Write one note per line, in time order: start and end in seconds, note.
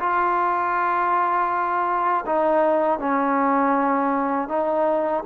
0.00 2.25 F4
2.26 2.99 D#4
2.99 4.49 C#4
4.49 5.24 D#4